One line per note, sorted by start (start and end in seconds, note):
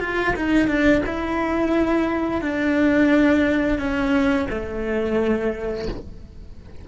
0.00 0.34 F4
0.36 0.68 D#4
0.68 1.03 D4
1.06 2.42 E4
2.42 3.79 D4
3.79 4.48 C#4
4.50 5.88 A3